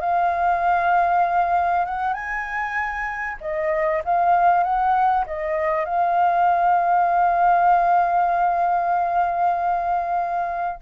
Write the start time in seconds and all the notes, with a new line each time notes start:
0.00 F5
1.85 F#5
2.13 G#5
3.40 D#5
4.04 F5
4.63 F#5
5.26 D#5
5.85 F5